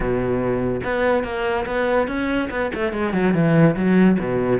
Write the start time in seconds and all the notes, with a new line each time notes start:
0.00 B2
0.83 B3
1.23 A#3
1.66 B3
2.07 C#4
2.50 B3
2.74 A3
2.92 G#3
3.13 F#3
3.33 E3
3.76 F#3
4.19 B2